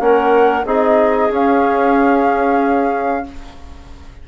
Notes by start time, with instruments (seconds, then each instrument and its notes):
0.00 bassoon A#3, trombone C#4, clarinet A#4, flute F#5
0.65 bassoon C4, trombone D#4, clarinet G#4, flute D#5
1.30 trombone C#4, bassoon C#4, flute F5